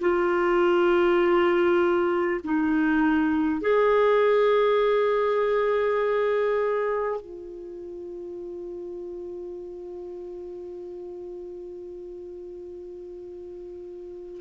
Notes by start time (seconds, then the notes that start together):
0.00 F4
2.44 D#4
3.61 G#4
7.20 F4